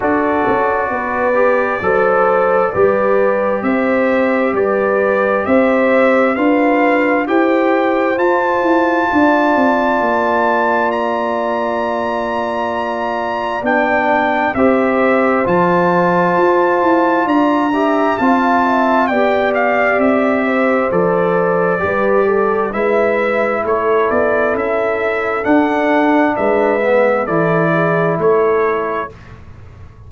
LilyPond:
<<
  \new Staff \with { instrumentName = "trumpet" } { \time 4/4 \tempo 4 = 66 d''1 | e''4 d''4 e''4 f''4 | g''4 a''2. | ais''2. g''4 |
e''4 a''2 ais''4 | a''4 g''8 f''8 e''4 d''4~ | d''4 e''4 cis''8 d''8 e''4 | fis''4 e''4 d''4 cis''4 | }
  \new Staff \with { instrumentName = "horn" } { \time 4/4 a'4 b'4 c''4 b'4 | c''4 b'4 c''4 b'4 | c''2 d''2~ | d''1 |
c''2. d''8 e''8 | f''8 e''8 d''4. c''4. | b'8 a'8 b'4 a'2~ | a'4 b'4 a'8 gis'8 a'4 | }
  \new Staff \with { instrumentName = "trombone" } { \time 4/4 fis'4. g'8 a'4 g'4~ | g'2. f'4 | g'4 f'2.~ | f'2. d'4 |
g'4 f'2~ f'8 g'8 | f'4 g'2 a'4 | g'4 e'2. | d'4. b8 e'2 | }
  \new Staff \with { instrumentName = "tuba" } { \time 4/4 d'8 cis'8 b4 fis4 g4 | c'4 g4 c'4 d'4 | e'4 f'8 e'8 d'8 c'8 ais4~ | ais2. b4 |
c'4 f4 f'8 e'8 d'4 | c'4 b4 c'4 f4 | g4 gis4 a8 b8 cis'4 | d'4 gis4 e4 a4 | }
>>